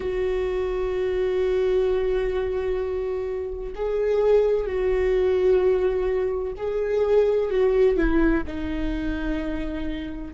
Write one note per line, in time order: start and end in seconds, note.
0.00 3.73 F#4
3.75 4.65 G#4
4.65 6.53 F#4
6.56 7.50 G#4
7.50 7.96 F#4
7.96 8.43 E4
8.46 10.33 D#4